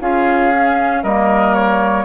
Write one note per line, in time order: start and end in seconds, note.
0.00 1.03 C#4
0.00 0.52 F4
0.00 1.03 G#4
0.00 1.03 F5
0.55 1.05 C#4
1.03 2.05 G3
1.03 2.05 A#3
1.03 2.05 A#4
1.03 1.54 D#5
1.54 2.05 C#5